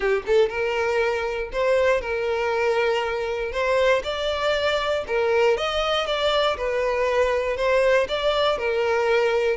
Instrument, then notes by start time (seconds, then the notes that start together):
violin
0.00 G4
0.26 A4
0.49 A#4
1.52 C5
2.01 A#4
3.52 C5
4.03 D5
5.07 A#4
5.57 D#5
6.06 D5
6.57 B4
7.56 C5
8.08 D5
8.58 A#4